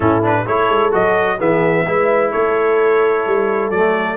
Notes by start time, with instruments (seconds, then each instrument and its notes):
0.00 tuba A2, trombone C#4, horn E4, trumpet A4
0.22 trombone D4, trumpet B4
0.45 tuba A3, trombone E4, horn A4, trumpet C#5
0.69 tuba G#3
0.91 tuba F#3, trombone F#4, trumpet D#5
1.37 tuba E3, trombone B3, horn G#4, trumpet E5
1.86 tuba G#3, trombone E4, horn B4
2.31 tuba A3, horn A4, trumpet C#5
3.26 tuba G3
3.70 tuba F#3, trombone A3, trumpet D5